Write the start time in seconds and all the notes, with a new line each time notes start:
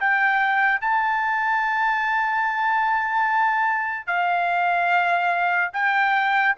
0.00 G5
0.81 A5
4.07 F5
5.73 G5